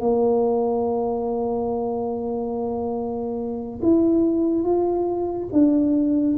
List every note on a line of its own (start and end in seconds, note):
0.00 3.80 A#3
3.82 4.64 E4
4.64 5.49 F4
5.52 6.36 D4